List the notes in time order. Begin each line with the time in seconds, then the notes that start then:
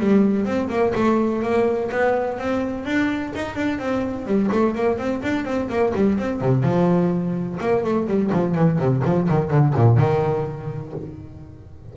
0.00 G3
0.45 C4
0.69 A#3
0.95 A3
1.43 A#3
1.92 B3
2.39 C4
2.85 D4
3.36 D#4
3.56 D4
3.79 C4
4.26 G3
4.52 A3
4.76 A#3
4.98 C4
5.23 D4
5.45 C4
5.70 A#3
5.95 G3
6.18 C4
6.41 C3
6.63 F3
7.61 A#3
7.84 A3
8.07 G3
8.32 F3
8.55 E3
8.79 C3
9.05 F3
9.29 D#3
9.51 D3
9.76 A#2
9.98 D#3